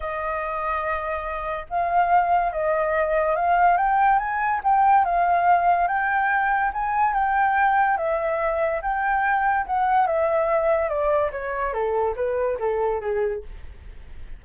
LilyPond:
\new Staff \with { instrumentName = "flute" } { \time 4/4 \tempo 4 = 143 dis''1 | f''2 dis''2 | f''4 g''4 gis''4 g''4 | f''2 g''2 |
gis''4 g''2 e''4~ | e''4 g''2 fis''4 | e''2 d''4 cis''4 | a'4 b'4 a'4 gis'4 | }